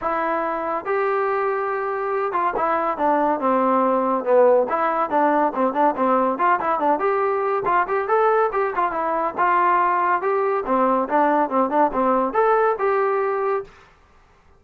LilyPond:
\new Staff \with { instrumentName = "trombone" } { \time 4/4 \tempo 4 = 141 e'2 g'2~ | g'4. f'8 e'4 d'4 | c'2 b4 e'4 | d'4 c'8 d'8 c'4 f'8 e'8 |
d'8 g'4. f'8 g'8 a'4 | g'8 f'8 e'4 f'2 | g'4 c'4 d'4 c'8 d'8 | c'4 a'4 g'2 | }